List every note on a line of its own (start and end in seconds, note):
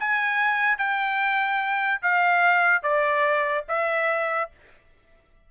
0.00 0.78 G#5
0.78 2.01 G5
2.02 2.83 F5
2.83 3.65 D5
3.69 4.51 E5